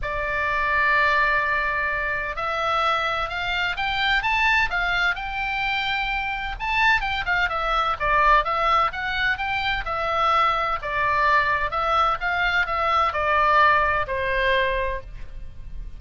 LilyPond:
\new Staff \with { instrumentName = "oboe" } { \time 4/4 \tempo 4 = 128 d''1~ | d''4 e''2 f''4 | g''4 a''4 f''4 g''4~ | g''2 a''4 g''8 f''8 |
e''4 d''4 e''4 fis''4 | g''4 e''2 d''4~ | d''4 e''4 f''4 e''4 | d''2 c''2 | }